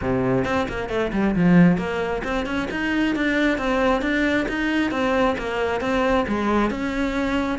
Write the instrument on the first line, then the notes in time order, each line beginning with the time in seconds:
cello
0.01 C3
0.44 C4
0.69 A#3
0.89 A3
1.13 G3
1.35 F3
1.77 A#3
2.24 C4
2.45 C#4
2.70 D#4
3.15 D4
3.58 C4
4.01 D4
4.48 D#4
4.91 C4
5.38 A#3
5.81 C4
6.27 G#3
6.70 C#4